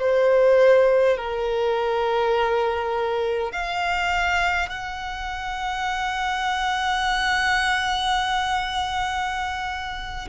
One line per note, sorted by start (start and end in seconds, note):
0.00 1.17 C5
1.17 3.52 A#4
3.52 4.70 F5
4.70 10.28 F#5